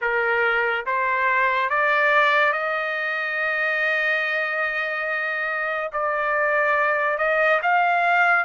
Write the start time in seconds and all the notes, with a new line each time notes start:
0.01 A#4
0.86 C5
1.69 D5
2.52 D#5
5.92 D5
7.18 D#5
7.62 F5